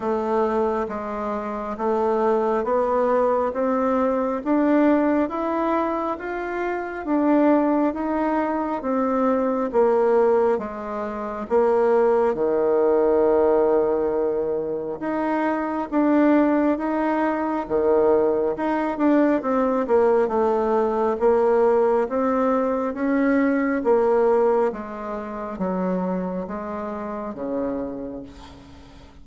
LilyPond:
\new Staff \with { instrumentName = "bassoon" } { \time 4/4 \tempo 4 = 68 a4 gis4 a4 b4 | c'4 d'4 e'4 f'4 | d'4 dis'4 c'4 ais4 | gis4 ais4 dis2~ |
dis4 dis'4 d'4 dis'4 | dis4 dis'8 d'8 c'8 ais8 a4 | ais4 c'4 cis'4 ais4 | gis4 fis4 gis4 cis4 | }